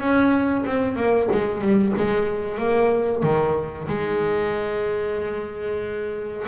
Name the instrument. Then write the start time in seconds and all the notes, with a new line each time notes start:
double bass
0.00 C#4
0.66 C4
0.96 A#3
1.32 G#3
1.61 G3
1.98 G#3
2.58 A#3
3.23 D#3
3.88 G#3